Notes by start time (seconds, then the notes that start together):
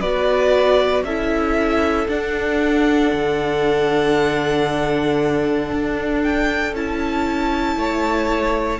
0.00 B3 F#4 B4 D5
1.03 C#4 E4 A4 E5
2.08 D4 F#5
3.12 D3
5.72 D4
6.22 G5
6.73 C#4 E4 A5
7.75 A3 C#5